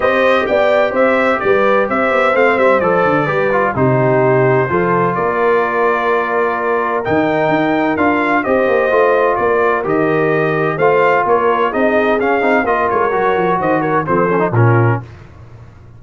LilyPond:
<<
  \new Staff \with { instrumentName = "trumpet" } { \time 4/4 \tempo 4 = 128 dis''4 g''4 e''4 d''4 | e''4 f''8 e''8 d''2 | c''2. d''4~ | d''2. g''4~ |
g''4 f''4 dis''2 | d''4 dis''2 f''4 | cis''4 dis''4 f''4 dis''8 cis''8~ | cis''4 dis''8 cis''8 c''4 ais'4 | }
  \new Staff \with { instrumentName = "horn" } { \time 4/4 c''4 d''4 c''4 b'4 | c''2. b'4 | g'2 a'4 ais'4~ | ais'1~ |
ais'2 c''2 | ais'2. c''4 | ais'4 gis'2 ais'4~ | ais'4 c''8 ais'8 a'4 f'4 | }
  \new Staff \with { instrumentName = "trombone" } { \time 4/4 g'1~ | g'4 c'4 a'4 g'8 f'8 | dis'2 f'2~ | f'2. dis'4~ |
dis'4 f'4 g'4 f'4~ | f'4 g'2 f'4~ | f'4 dis'4 cis'8 dis'8 f'4 | fis'2 c'8 cis'16 dis'16 cis'4 | }
  \new Staff \with { instrumentName = "tuba" } { \time 4/4 c'4 b4 c'4 g4 | c'8 b8 a8 g8 f8 d8 g4 | c2 f4 ais4~ | ais2. dis4 |
dis'4 d'4 c'8 ais8 a4 | ais4 dis2 a4 | ais4 c'4 cis'8 c'8 ais8 gis8 | fis8 f8 dis4 f4 ais,4 | }
>>